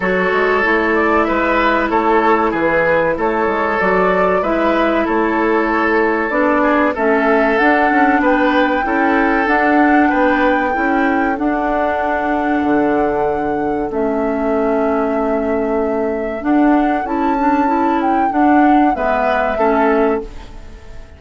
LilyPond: <<
  \new Staff \with { instrumentName = "flute" } { \time 4/4 \tempo 4 = 95 cis''4. d''8 e''4 cis''4 | b'4 cis''4 d''4 e''4 | cis''2 d''4 e''4 | fis''4 g''2 fis''4 |
g''2 fis''2~ | fis''2 e''2~ | e''2 fis''4 a''4~ | a''8 g''8 fis''4 e''2 | }
  \new Staff \with { instrumentName = "oboe" } { \time 4/4 a'2 b'4 a'4 | gis'4 a'2 b'4 | a'2~ a'8 gis'8 a'4~ | a'4 b'4 a'2 |
b'4 a'2.~ | a'1~ | a'1~ | a'2 b'4 a'4 | }
  \new Staff \with { instrumentName = "clarinet" } { \time 4/4 fis'4 e'2.~ | e'2 fis'4 e'4~ | e'2 d'4 cis'4 | d'2 e'4 d'4~ |
d'4 e'4 d'2~ | d'2 cis'2~ | cis'2 d'4 e'8 d'8 | e'4 d'4 b4 cis'4 | }
  \new Staff \with { instrumentName = "bassoon" } { \time 4/4 fis8 gis8 a4 gis4 a4 | e4 a8 gis8 fis4 gis4 | a2 b4 a4 | d'8 cis'8 b4 cis'4 d'4 |
b4 cis'4 d'2 | d2 a2~ | a2 d'4 cis'4~ | cis'4 d'4 gis4 a4 | }
>>